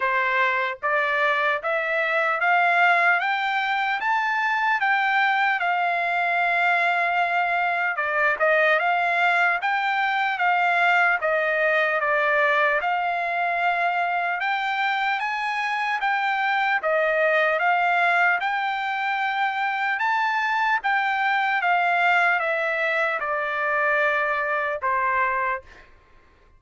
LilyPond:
\new Staff \with { instrumentName = "trumpet" } { \time 4/4 \tempo 4 = 75 c''4 d''4 e''4 f''4 | g''4 a''4 g''4 f''4~ | f''2 d''8 dis''8 f''4 | g''4 f''4 dis''4 d''4 |
f''2 g''4 gis''4 | g''4 dis''4 f''4 g''4~ | g''4 a''4 g''4 f''4 | e''4 d''2 c''4 | }